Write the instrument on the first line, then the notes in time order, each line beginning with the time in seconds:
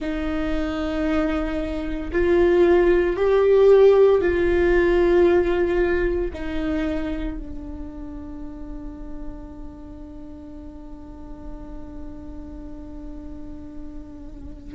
viola
0.00 D#4
2.11 F4
3.16 G4
4.21 F4
6.33 D#4
7.38 D4